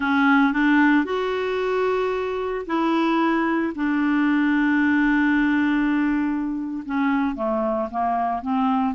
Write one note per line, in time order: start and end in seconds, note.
0.00 0.53 C#4
0.53 1.04 D4
1.04 2.65 F#4
2.66 3.73 E4
3.75 6.83 D4
6.85 7.35 C#4
7.35 7.88 A3
7.90 8.42 A#3
8.42 8.94 C4